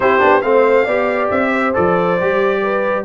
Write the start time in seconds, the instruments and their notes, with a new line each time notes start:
0.00 tuba C4, trombone E4, horn G4, trumpet C5
0.19 tuba B3, trombone D4
0.41 tuba A3, trombone C4, horn C5, trumpet F5
0.84 tuba B3, trombone G4, horn D5
1.30 tuba C4, trumpet E5
1.52 horn C5
1.73 tuba F3, trombone A4, trumpet D5
2.20 tuba G3, trombone G4
2.61 horn B4